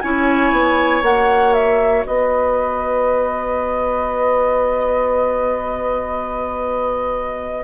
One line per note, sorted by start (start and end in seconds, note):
0.00 0.52 C#4
0.00 1.02 E4
0.00 2.07 C#5
0.00 1.02 G#5
0.52 1.02 B3
1.02 2.04 A#3
1.02 7.63 F#4
1.02 1.53 F#5
1.53 2.04 E5
2.06 7.64 B3
2.06 7.64 B4
2.06 7.64 D#5